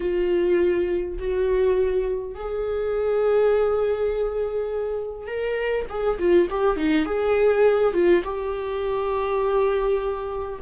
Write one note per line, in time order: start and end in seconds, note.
0.00 1.18 F4
1.18 2.34 F#4
2.34 5.26 G#4
5.26 5.85 A#4
5.89 6.18 G#4
6.18 6.48 F4
6.49 6.76 G4
6.76 7.05 D#4
7.05 7.93 G#4
7.93 8.23 F4
8.24 10.59 G4